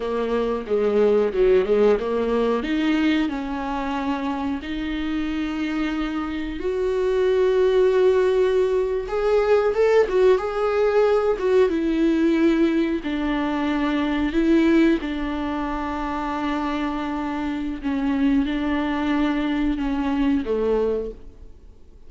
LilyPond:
\new Staff \with { instrumentName = "viola" } { \time 4/4 \tempo 4 = 91 ais4 gis4 fis8 gis8 ais4 | dis'4 cis'2 dis'4~ | dis'2 fis'2~ | fis'4.~ fis'16 gis'4 a'8 fis'8 gis'16~ |
gis'4~ gis'16 fis'8 e'2 d'16~ | d'4.~ d'16 e'4 d'4~ d'16~ | d'2. cis'4 | d'2 cis'4 a4 | }